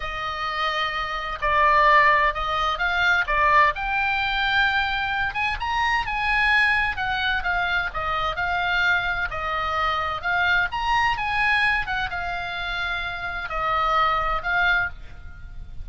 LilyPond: \new Staff \with { instrumentName = "oboe" } { \time 4/4 \tempo 4 = 129 dis''2. d''4~ | d''4 dis''4 f''4 d''4 | g''2.~ g''8 gis''8 | ais''4 gis''2 fis''4 |
f''4 dis''4 f''2 | dis''2 f''4 ais''4 | gis''4. fis''8 f''2~ | f''4 dis''2 f''4 | }